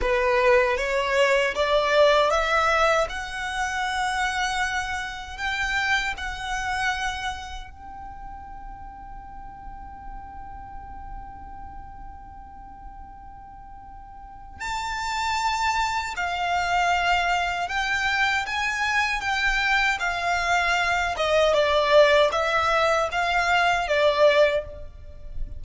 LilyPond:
\new Staff \with { instrumentName = "violin" } { \time 4/4 \tempo 4 = 78 b'4 cis''4 d''4 e''4 | fis''2. g''4 | fis''2 g''2~ | g''1~ |
g''2. a''4~ | a''4 f''2 g''4 | gis''4 g''4 f''4. dis''8 | d''4 e''4 f''4 d''4 | }